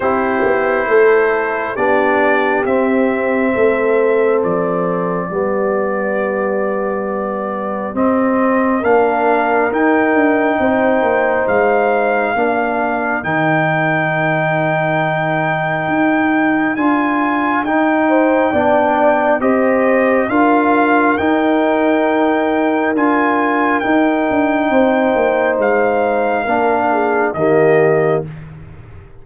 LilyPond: <<
  \new Staff \with { instrumentName = "trumpet" } { \time 4/4 \tempo 4 = 68 c''2 d''4 e''4~ | e''4 d''2.~ | d''4 dis''4 f''4 g''4~ | g''4 f''2 g''4~ |
g''2. gis''4 | g''2 dis''4 f''4 | g''2 gis''4 g''4~ | g''4 f''2 dis''4 | }
  \new Staff \with { instrumentName = "horn" } { \time 4/4 g'4 a'4 g'2 | a'2 g'2~ | g'2 ais'2 | c''2 ais'2~ |
ais'1~ | ais'8 c''8 d''4 c''4 ais'4~ | ais'1 | c''2 ais'8 gis'8 g'4 | }
  \new Staff \with { instrumentName = "trombone" } { \time 4/4 e'2 d'4 c'4~ | c'2 b2~ | b4 c'4 d'4 dis'4~ | dis'2 d'4 dis'4~ |
dis'2. f'4 | dis'4 d'4 g'4 f'4 | dis'2 f'4 dis'4~ | dis'2 d'4 ais4 | }
  \new Staff \with { instrumentName = "tuba" } { \time 4/4 c'8 b8 a4 b4 c'4 | a4 f4 g2~ | g4 c'4 ais4 dis'8 d'8 | c'8 ais8 gis4 ais4 dis4~ |
dis2 dis'4 d'4 | dis'4 b4 c'4 d'4 | dis'2 d'4 dis'8 d'8 | c'8 ais8 gis4 ais4 dis4 | }
>>